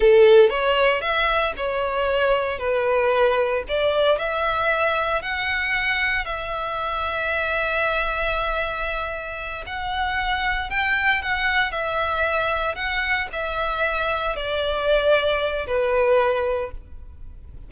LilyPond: \new Staff \with { instrumentName = "violin" } { \time 4/4 \tempo 4 = 115 a'4 cis''4 e''4 cis''4~ | cis''4 b'2 d''4 | e''2 fis''2 | e''1~ |
e''2~ e''8 fis''4.~ | fis''8 g''4 fis''4 e''4.~ | e''8 fis''4 e''2 d''8~ | d''2 b'2 | }